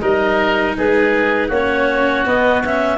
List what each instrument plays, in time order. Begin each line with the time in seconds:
0.00 tuba G3, cello D#4, oboe A#4, clarinet D#5
0.77 tuba G#3, oboe G#4, clarinet B4
1.48 tuba A#3, cello C#4, oboe F#4, clarinet C#5
2.26 cello B3, tuba B3, clarinet D#5
2.64 cello C#4, clarinet E5